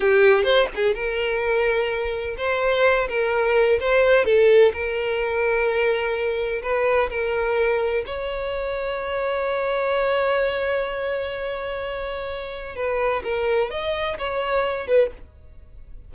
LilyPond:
\new Staff \with { instrumentName = "violin" } { \time 4/4 \tempo 4 = 127 g'4 c''8 gis'8 ais'2~ | ais'4 c''4. ais'4. | c''4 a'4 ais'2~ | ais'2 b'4 ais'4~ |
ais'4 cis''2.~ | cis''1~ | cis''2. b'4 | ais'4 dis''4 cis''4. b'8 | }